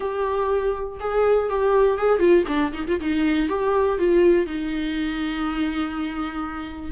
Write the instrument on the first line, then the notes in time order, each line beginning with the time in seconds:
viola
0.00 G4
1.00 G#4
1.49 G4
1.98 G#4
2.19 F4
2.47 D4
2.73 D#4
2.87 F4
3.00 D#4
3.48 G4
3.98 F4
4.46 D#4